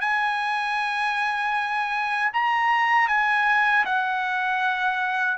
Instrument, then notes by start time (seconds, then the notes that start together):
trumpet
0.00 G#5
2.33 A#5
3.08 G#5
3.85 F#5